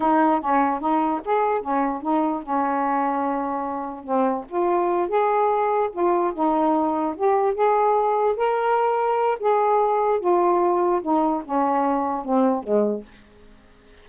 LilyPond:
\new Staff \with { instrumentName = "saxophone" } { \time 4/4 \tempo 4 = 147 dis'4 cis'4 dis'4 gis'4 | cis'4 dis'4 cis'2~ | cis'2 c'4 f'4~ | f'8 gis'2 f'4 dis'8~ |
dis'4. g'4 gis'4.~ | gis'8 ais'2~ ais'8 gis'4~ | gis'4 f'2 dis'4 | cis'2 c'4 gis4 | }